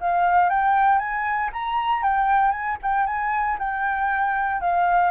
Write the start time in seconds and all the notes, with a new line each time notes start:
0.00 F5
0.49 G5
0.98 G#5
1.52 A#5
2.02 G5
2.51 G#5
2.82 G5
3.06 G#5
3.58 G5
4.60 F5